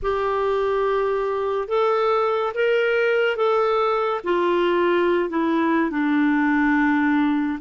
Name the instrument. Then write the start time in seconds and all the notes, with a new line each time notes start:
clarinet
0.02 G4
1.68 A4
2.54 A#4
3.36 A4
4.24 F4
5.29 E4
5.90 D4